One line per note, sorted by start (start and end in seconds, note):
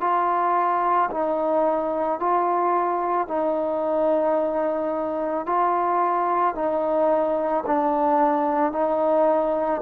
0.00 1.09 F4
1.11 2.19 D#4
2.19 3.27 F4
3.27 5.45 D#4
5.46 6.55 F4
6.55 7.64 D#4
7.66 8.72 D4
8.72 9.81 D#4